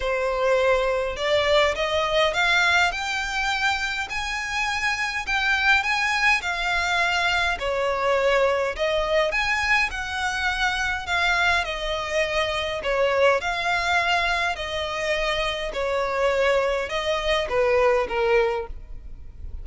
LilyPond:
\new Staff \with { instrumentName = "violin" } { \time 4/4 \tempo 4 = 103 c''2 d''4 dis''4 | f''4 g''2 gis''4~ | gis''4 g''4 gis''4 f''4~ | f''4 cis''2 dis''4 |
gis''4 fis''2 f''4 | dis''2 cis''4 f''4~ | f''4 dis''2 cis''4~ | cis''4 dis''4 b'4 ais'4 | }